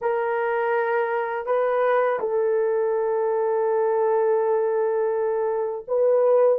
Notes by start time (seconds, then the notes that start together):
0.01 A#4
1.46 B4
2.20 A4
5.87 B4